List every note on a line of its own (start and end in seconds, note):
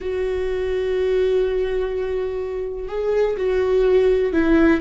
0.00 2.88 F#4
2.88 3.36 G#4
3.36 4.32 F#4
4.32 4.80 E4